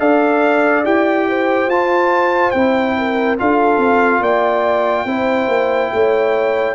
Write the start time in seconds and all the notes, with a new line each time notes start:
0.00 D4 A4 D5 F5
0.85 E4 G4 G5
1.29 C5
1.67 F4 A5
2.51 C4 E4 G5
2.98 A#4
3.38 D4 F4 A4 F5
3.78 C4
4.21 A#3 D5 G5
5.05 C4 E4 C5
5.48 A#3
5.93 A3 C#5